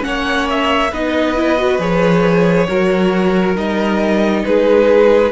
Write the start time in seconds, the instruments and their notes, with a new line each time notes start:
0.00 cello A#3, viola C#4, violin F#5
0.06 violin C#5
0.49 violin E5
0.90 cello B3, viola D#4, violin B4 D#5
1.35 viola E4
1.57 viola F#4
1.78 cello F3, viola G#4, violin C#5
2.67 cello F#3, viola F#4, violin A#4
3.55 cello G3, viola D#4, violin D#5
4.44 cello G#3, violin G#4 B4